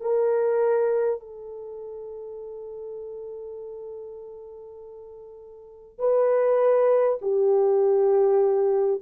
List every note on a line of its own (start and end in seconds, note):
0.00 1.19 A#4
1.19 5.98 A4
5.98 7.18 B4
7.21 9.01 G4